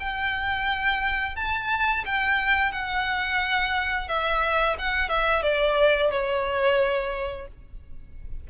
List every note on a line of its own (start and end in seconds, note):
0.00 1.36 G5
1.36 2.05 A5
2.06 2.72 G5
2.72 4.09 F#5
4.09 4.77 E5
4.79 5.09 F#5
5.09 5.43 E5
5.43 6.11 D5
6.11 7.48 C#5